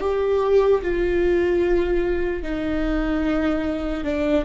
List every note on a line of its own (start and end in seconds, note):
0.00 0.81 G4
0.82 2.43 F4
2.43 4.04 D#4
4.04 4.44 D4